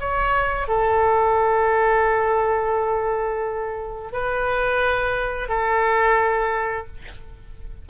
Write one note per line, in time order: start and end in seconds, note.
0.00 0.68 C#5
0.68 4.12 A4
4.12 5.49 B4
5.49 6.87 A4